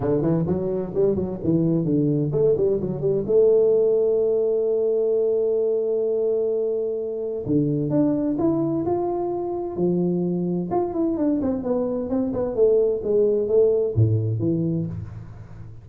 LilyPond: \new Staff \with { instrumentName = "tuba" } { \time 4/4 \tempo 4 = 129 d8 e8 fis4 g8 fis8 e4 | d4 a8 g8 fis8 g8 a4~ | a1~ | a1 |
d4 d'4 e'4 f'4~ | f'4 f2 f'8 e'8 | d'8 c'8 b4 c'8 b8 a4 | gis4 a4 a,4 e4 | }